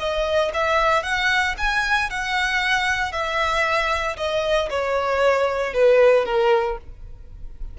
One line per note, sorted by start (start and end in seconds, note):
0.00 0.52 D#5
0.54 1.03 E5
1.03 1.56 F#5
1.58 2.10 G#5
2.10 3.13 F#5
3.13 4.17 E5
4.18 4.70 D#5
4.70 5.74 C#5
5.74 6.26 B4
6.26 6.78 A#4